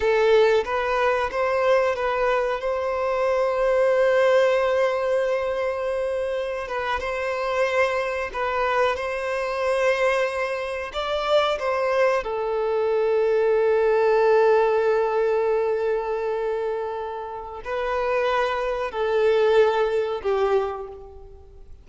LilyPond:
\new Staff \with { instrumentName = "violin" } { \time 4/4 \tempo 4 = 92 a'4 b'4 c''4 b'4 | c''1~ | c''2~ c''16 b'8 c''4~ c''16~ | c''8. b'4 c''2~ c''16~ |
c''8. d''4 c''4 a'4~ a'16~ | a'1~ | a'2. b'4~ | b'4 a'2 g'4 | }